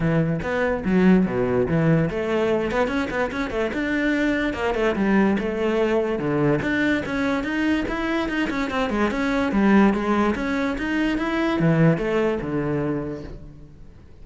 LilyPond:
\new Staff \with { instrumentName = "cello" } { \time 4/4 \tempo 4 = 145 e4 b4 fis4 b,4 | e4 a4. b8 cis'8 b8 | cis'8 a8 d'2 ais8 a8 | g4 a2 d4 |
d'4 cis'4 dis'4 e'4 | dis'8 cis'8 c'8 gis8 cis'4 g4 | gis4 cis'4 dis'4 e'4 | e4 a4 d2 | }